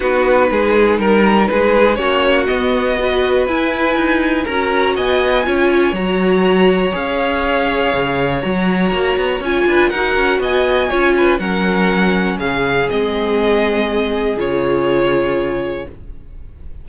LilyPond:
<<
  \new Staff \with { instrumentName = "violin" } { \time 4/4 \tempo 4 = 121 b'2 ais'4 b'4 | cis''4 dis''2 gis''4~ | gis''4 ais''4 gis''2 | ais''2 f''2~ |
f''4 ais''2 gis''4 | fis''4 gis''2 fis''4~ | fis''4 f''4 dis''2~ | dis''4 cis''2. | }
  \new Staff \with { instrumentName = "violin" } { \time 4/4 fis'4 gis'4 ais'4 gis'4 | fis'2 b'2~ | b'4 ais'4 dis''4 cis''4~ | cis''1~ |
cis''2.~ cis''8 b'8 | ais'4 dis''4 cis''8 b'8 ais'4~ | ais'4 gis'2.~ | gis'1 | }
  \new Staff \with { instrumentName = "viola" } { \time 4/4 dis'1 | cis'4 b4 fis'4 e'4~ | e'4 fis'2 f'4 | fis'2 gis'2~ |
gis'4 fis'2 f'4 | fis'2 f'4 cis'4~ | cis'2 c'2~ | c'4 f'2. | }
  \new Staff \with { instrumentName = "cello" } { \time 4/4 b4 gis4 g4 gis4 | ais4 b2 e'4 | dis'4 cis'4 b4 cis'4 | fis2 cis'2 |
cis4 fis4 ais8 b8 cis'8 d'8 | dis'8 cis'8 b4 cis'4 fis4~ | fis4 cis4 gis2~ | gis4 cis2. | }
>>